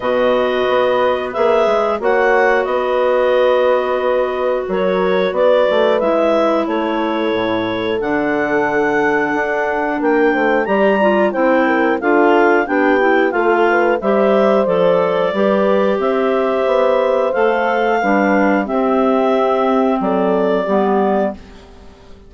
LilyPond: <<
  \new Staff \with { instrumentName = "clarinet" } { \time 4/4 \tempo 4 = 90 dis''2 e''4 fis''4 | dis''2. cis''4 | d''4 e''4 cis''2 | fis''2. g''4 |
ais''4 g''4 f''4 g''4 | f''4 e''4 d''2 | e''2 f''2 | e''2 d''2 | }
  \new Staff \with { instrumentName = "horn" } { \time 4/4 b'2. cis''4 | b'2. ais'4 | b'2 a'2~ | a'2. ais'8 c''8 |
d''4 c''8 ais'8 a'4 g'4 | a'8 b'8 c''2 b'4 | c''2. b'4 | g'2 a'4 g'4 | }
  \new Staff \with { instrumentName = "clarinet" } { \time 4/4 fis'2 gis'4 fis'4~ | fis'1~ | fis'4 e'2. | d'1 |
g'8 f'8 e'4 f'4 d'8 e'8 | f'4 g'4 a'4 g'4~ | g'2 a'4 d'4 | c'2. b4 | }
  \new Staff \with { instrumentName = "bassoon" } { \time 4/4 b,4 b4 ais8 gis8 ais4 | b2. fis4 | b8 a8 gis4 a4 a,4 | d2 d'4 ais8 a8 |
g4 c'4 d'4 b4 | a4 g4 f4 g4 | c'4 b4 a4 g4 | c'2 fis4 g4 | }
>>